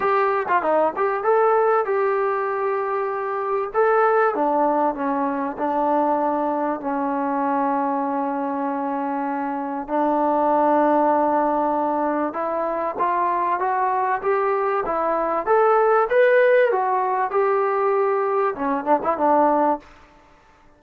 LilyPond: \new Staff \with { instrumentName = "trombone" } { \time 4/4 \tempo 4 = 97 g'8. f'16 dis'8 g'8 a'4 g'4~ | g'2 a'4 d'4 | cis'4 d'2 cis'4~ | cis'1 |
d'1 | e'4 f'4 fis'4 g'4 | e'4 a'4 b'4 fis'4 | g'2 cis'8 d'16 e'16 d'4 | }